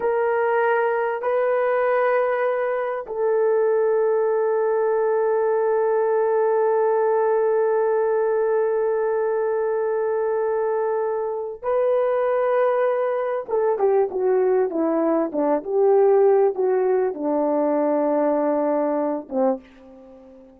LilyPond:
\new Staff \with { instrumentName = "horn" } { \time 4/4 \tempo 4 = 98 ais'2 b'2~ | b'4 a'2.~ | a'1~ | a'1~ |
a'2. b'4~ | b'2 a'8 g'8 fis'4 | e'4 d'8 g'4. fis'4 | d'2.~ d'8 c'8 | }